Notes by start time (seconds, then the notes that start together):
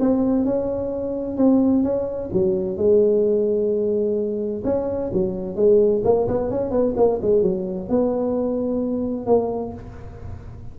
0.00 C4
0.45 C#4
1.37 C4
1.84 C#4
2.33 F#3
2.77 G#3
4.64 C#4
5.13 F#3
5.56 G#3
6.04 A#3
6.28 B3
6.51 C#4
6.71 B3
6.97 A#3
7.22 G#3
7.42 F#3
7.89 B3
9.26 A#3